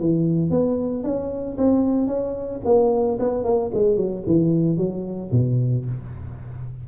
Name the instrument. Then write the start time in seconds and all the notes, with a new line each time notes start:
tuba
0.00 E3
0.50 B3
1.03 C#4
1.58 C4
2.07 C#4
2.65 A#3
3.19 B3
3.44 A#3
3.74 G#3
3.96 F#3
4.26 E3
4.77 F#3
5.32 B2